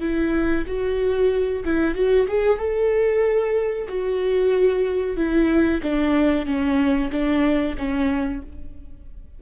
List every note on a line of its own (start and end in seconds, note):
0.00 0.65 E4
0.67 1.64 F#4
1.65 1.94 E4
1.94 2.27 F#4
2.28 2.58 G#4
2.58 3.87 A4
3.88 5.17 F#4
5.17 5.81 E4
5.82 6.46 D4
6.46 7.11 C#4
7.11 7.76 D4
7.78 8.42 C#4